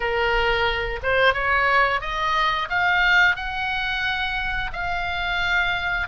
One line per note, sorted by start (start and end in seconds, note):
0.00 1.00 A#4
1.02 1.33 C5
1.33 2.00 C#5
2.00 2.68 D#5
2.69 3.36 F5
3.36 4.70 F#5
4.72 6.07 F5